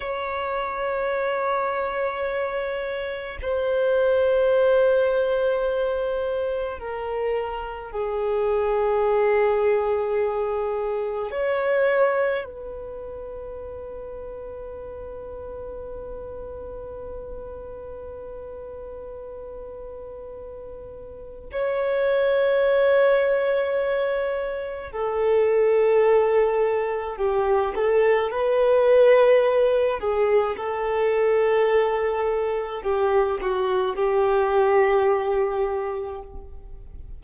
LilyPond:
\new Staff \with { instrumentName = "violin" } { \time 4/4 \tempo 4 = 53 cis''2. c''4~ | c''2 ais'4 gis'4~ | gis'2 cis''4 b'4~ | b'1~ |
b'2. cis''4~ | cis''2 a'2 | g'8 a'8 b'4. gis'8 a'4~ | a'4 g'8 fis'8 g'2 | }